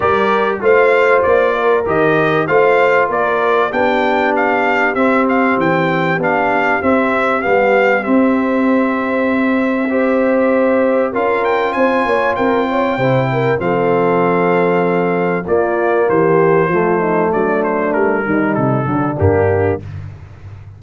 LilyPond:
<<
  \new Staff \with { instrumentName = "trumpet" } { \time 4/4 \tempo 4 = 97 d''4 f''4 d''4 dis''4 | f''4 d''4 g''4 f''4 | e''8 f''8 g''4 f''4 e''4 | f''4 e''2.~ |
e''2 f''8 g''8 gis''4 | g''2 f''2~ | f''4 d''4 c''2 | d''8 c''8 ais'4 a'4 g'4 | }
  \new Staff \with { instrumentName = "horn" } { \time 4/4 ais'4 c''4. ais'4. | c''4 ais'4 g'2~ | g'1~ | g'1 |
c''2 ais'4 c''8 cis''8 | ais'8 cis''8 c''8 ais'8 a'2~ | a'4 f'4 g'4 f'8 dis'8 | d'4. dis'4 d'4. | }
  \new Staff \with { instrumentName = "trombone" } { \time 4/4 g'4 f'2 g'4 | f'2 d'2 | c'2 d'4 c'4 | b4 c'2. |
g'2 f'2~ | f'4 e'4 c'2~ | c'4 ais2 a4~ | a4. g4 fis8 ais4 | }
  \new Staff \with { instrumentName = "tuba" } { \time 4/4 g4 a4 ais4 dis4 | a4 ais4 b2 | c'4 e4 b4 c'4 | g4 c'2.~ |
c'2 cis'4 c'8 ais8 | c'4 c4 f2~ | f4 ais4 e4 f4 | fis4 g8 dis8 c8 d8 g,4 | }
>>